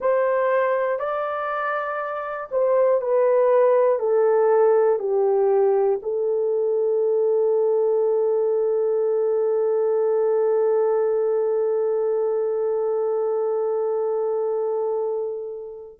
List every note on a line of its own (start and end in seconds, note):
0.00 0.99 C5
0.99 2.49 D5
2.50 3.00 C5
3.00 3.99 B4
3.99 4.99 A4
4.99 5.99 G4
6.02 15.99 A4